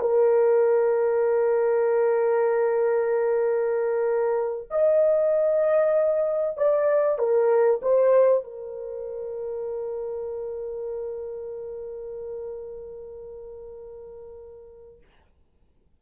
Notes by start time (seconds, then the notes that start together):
0.00 A#4
4.70 D#5
6.57 D5
7.18 A#4
7.82 C5
8.44 A#4